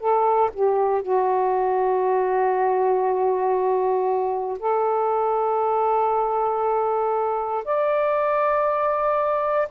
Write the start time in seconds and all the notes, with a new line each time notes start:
0.00 A4
0.54 G4
1.03 F#4
4.59 A4
7.65 D5